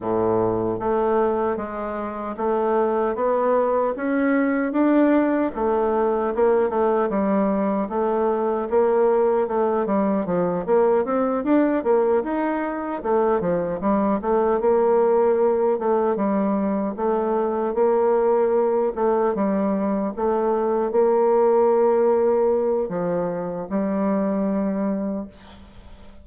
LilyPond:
\new Staff \with { instrumentName = "bassoon" } { \time 4/4 \tempo 4 = 76 a,4 a4 gis4 a4 | b4 cis'4 d'4 a4 | ais8 a8 g4 a4 ais4 | a8 g8 f8 ais8 c'8 d'8 ais8 dis'8~ |
dis'8 a8 f8 g8 a8 ais4. | a8 g4 a4 ais4. | a8 g4 a4 ais4.~ | ais4 f4 g2 | }